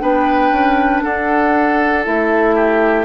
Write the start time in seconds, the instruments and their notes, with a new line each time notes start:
0.00 bassoon B3, clarinet D4, oboe B4, flute G5
0.51 bassoon C#4
1.03 bassoon D4, oboe A4, flute F#5
2.04 bassoon A3, clarinet E4, flute E5
2.55 oboe G4